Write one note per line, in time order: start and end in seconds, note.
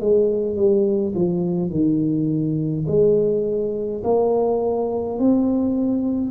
0.00 0.56 G#3
0.56 1.14 G3
1.15 1.70 F3
1.70 2.85 D#3
2.87 4.03 G#3
4.04 5.19 A#3
5.19 6.31 C4